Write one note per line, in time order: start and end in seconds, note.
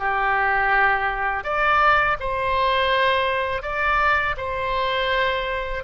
0.00 1.44 G4
1.44 2.18 D5
2.20 3.63 C5
3.63 4.36 D5
4.38 5.84 C5